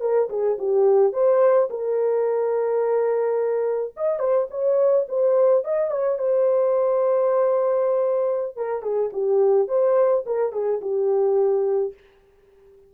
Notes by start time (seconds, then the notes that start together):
0.00 A#4
0.29 G#4
0.58 G4
1.12 C5
1.70 A#4
3.96 D#5
4.19 C5
4.50 C#5
5.08 C5
5.64 D#5
5.90 C#5
6.18 C5
8.56 A#4
8.82 G#4
9.12 G4
9.68 C5
10.26 A#4
10.52 G#4
10.81 G4